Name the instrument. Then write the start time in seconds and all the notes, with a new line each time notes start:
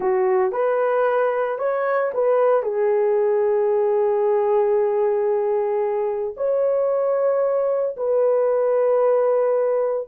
horn
0.00 F#4
0.52 B4
1.58 C#5
2.14 B4
2.63 G#4
6.36 C#5
7.96 B4